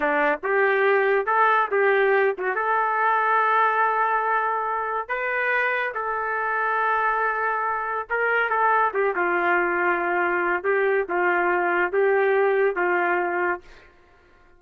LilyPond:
\new Staff \with { instrumentName = "trumpet" } { \time 4/4 \tempo 4 = 141 d'4 g'2 a'4 | g'4. fis'8 a'2~ | a'1 | b'2 a'2~ |
a'2. ais'4 | a'4 g'8 f'2~ f'8~ | f'4 g'4 f'2 | g'2 f'2 | }